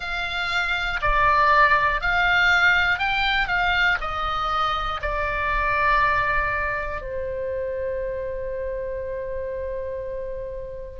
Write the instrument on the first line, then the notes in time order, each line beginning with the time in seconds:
oboe
0.00 F5
1.01 D5
2.01 F5
2.98 G5
3.47 F5
4.00 D#5
5.01 D5
7.00 C5